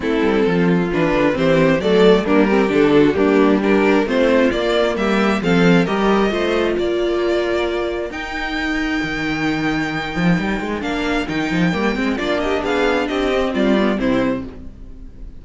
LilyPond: <<
  \new Staff \with { instrumentName = "violin" } { \time 4/4 \tempo 4 = 133 a'2 b'4 c''4 | d''4 ais'4 a'4 g'4 | ais'4 c''4 d''4 e''4 | f''4 dis''2 d''4~ |
d''2 g''2~ | g''1 | f''4 g''2 d''8 dis''8 | f''4 dis''4 d''4 c''4 | }
  \new Staff \with { instrumentName = "violin" } { \time 4/4 e'4 f'2 g'4 | a'4 d'8 g'4 fis'8 d'4 | g'4 f'2 g'4 | a'4 ais'4 c''4 ais'4~ |
ais'1~ | ais'1~ | ais'2. f'8 g'8 | gis'4 g'4 f'4 e'4 | }
  \new Staff \with { instrumentName = "viola" } { \time 4/4 c'2 d'4 c'4 | a4 ais8 c'8 d'4 ais4 | d'4 c'4 ais2 | c'4 g'4 f'2~ |
f'2 dis'2~ | dis'1 | d'4 dis'4 ais8 c'8 d'4~ | d'4. c'4 b8 c'4 | }
  \new Staff \with { instrumentName = "cello" } { \time 4/4 a8 g8 f4 e8 d8 e4 | fis4 g4 d4 g4~ | g4 a4 ais4 g4 | f4 g4 a4 ais4~ |
ais2 dis'2 | dis2~ dis8 f8 g8 gis8 | ais4 dis8 f8 g8 gis8 ais4 | b4 c'4 g4 c4 | }
>>